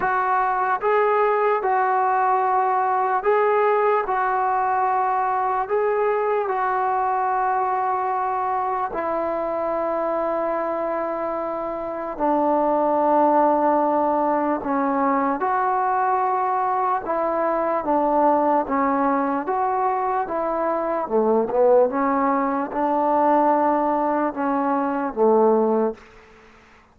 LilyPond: \new Staff \with { instrumentName = "trombone" } { \time 4/4 \tempo 4 = 74 fis'4 gis'4 fis'2 | gis'4 fis'2 gis'4 | fis'2. e'4~ | e'2. d'4~ |
d'2 cis'4 fis'4~ | fis'4 e'4 d'4 cis'4 | fis'4 e'4 a8 b8 cis'4 | d'2 cis'4 a4 | }